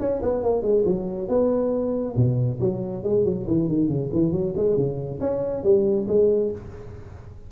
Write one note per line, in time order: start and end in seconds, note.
0.00 0.22 C#4
0.23 0.43 B3
0.43 0.63 A#3
0.63 0.84 G#3
0.86 1.28 F#3
1.28 2.15 B3
2.16 2.60 B2
2.60 3.04 F#3
3.04 3.25 G#3
3.25 3.46 F#3
3.47 3.69 E3
3.69 3.89 D#3
3.89 4.10 C#3
4.13 4.32 E3
4.32 4.54 F#3
4.57 4.77 G#3
4.77 5.20 C#3
5.21 5.64 C#4
5.64 6.07 G3
6.08 6.52 G#3